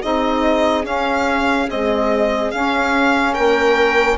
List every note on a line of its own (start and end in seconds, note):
0.00 0.84 C4
0.00 0.83 D#4
0.00 3.33 G#4
0.00 0.85 D#5
0.83 1.67 C#4
0.83 1.69 F5
1.67 2.50 G#3
1.67 2.53 C4
1.67 2.51 D#5
2.51 4.18 C#4
2.51 3.37 C#4
2.51 3.34 F5
3.33 4.18 A#3
3.33 4.16 A#4
3.33 4.17 G5